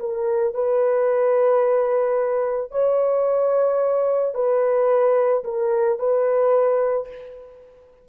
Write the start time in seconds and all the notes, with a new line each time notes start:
0.00 A#4
0.54 B4
2.72 C#5
4.35 B4
5.44 A#4
5.99 B4